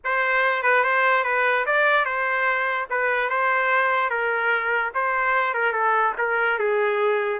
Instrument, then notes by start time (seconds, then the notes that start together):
trumpet
0.04 C5
0.63 B4
0.83 C5
1.24 B4
1.66 D5
2.05 C5
2.90 B4
3.29 C5
4.10 A#4
4.94 C5
5.54 A#4
5.72 A4
6.18 A#4
6.59 G#4